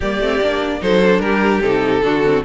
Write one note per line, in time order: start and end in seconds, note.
0.00 0.19 G3
0.00 0.21 A#3
0.00 0.78 G4
0.00 0.82 D5
0.19 0.39 A3
0.19 0.41 C4
0.40 0.81 A#3
0.40 0.80 D4
0.80 1.20 F#3
0.80 1.01 D#4
0.80 1.22 A4
0.80 1.19 C5
1.01 1.62 D4
1.19 1.60 G3
1.19 2.03 G4
1.19 1.60 A#4
1.61 2.02 C3
1.61 2.03 D#4
1.61 2.43 A4
2.03 2.43 D3
2.03 2.23 D4
2.03 2.44 F#4
2.24 2.44 C4